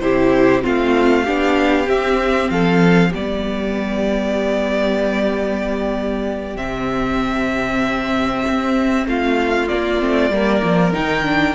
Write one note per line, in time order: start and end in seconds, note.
0.00 0.63 C3
0.00 0.63 E4
0.00 0.64 G4
0.00 0.62 C5
0.63 1.29 A3
0.63 1.26 C4
0.63 1.24 F4
0.63 1.89 F5
1.24 1.89 B3
1.24 1.86 D4
1.24 2.49 G4
1.86 3.11 C4
1.86 2.51 C4
1.86 2.50 E5
2.50 3.13 F3
2.50 3.11 A4
2.50 3.13 F5
3.11 6.56 G3
3.11 6.57 B3
3.11 9.05 G4
3.11 6.57 D5
6.56 8.44 C3
6.56 9.69 C4
6.56 9.07 E5
8.48 9.07 C4
9.07 9.69 A3
9.07 10.34 F4
9.07 9.69 F5
9.69 10.00 A#3
9.69 10.02 A#3
9.69 10.94 D5
10.00 10.31 A3
10.00 10.32 C4
10.31 10.62 G3
10.31 10.93 A#3
10.31 11.55 A#4
10.63 10.95 F3
10.93 11.55 D#3
10.93 11.25 D#4
10.93 11.55 G5
11.25 11.55 D4